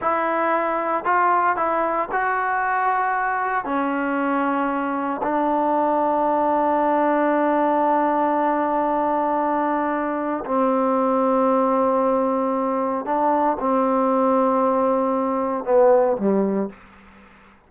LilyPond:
\new Staff \with { instrumentName = "trombone" } { \time 4/4 \tempo 4 = 115 e'2 f'4 e'4 | fis'2. cis'4~ | cis'2 d'2~ | d'1~ |
d'1 | c'1~ | c'4 d'4 c'2~ | c'2 b4 g4 | }